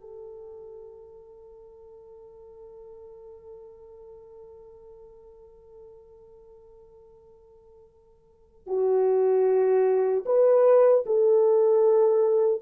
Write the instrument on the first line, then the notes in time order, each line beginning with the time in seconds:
horn
0.00 A4
8.66 F#4
10.25 B4
11.06 A4